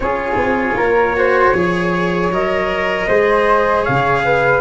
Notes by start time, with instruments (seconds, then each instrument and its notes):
0.00 tuba C#4, cello F4, flute G#4, trumpet C#5
0.37 tuba C4
0.75 tuba A#3, flute A#4
1.17 cello F#4, flute C5
1.54 tuba F3, cello G#4, flute C#5
2.30 tuba F#3, cello A#4, trumpet D#5
3.07 tuba G#3, cello G#4, flute C5
3.83 tuba C#3, flute C#5, trumpet F5
4.24 flute B4